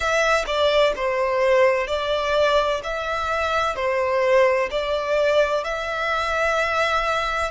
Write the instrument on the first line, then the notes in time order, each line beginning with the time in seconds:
violin
0.00 E5
0.46 D5
0.96 C5
1.87 D5
2.83 E5
3.75 C5
4.70 D5
5.64 E5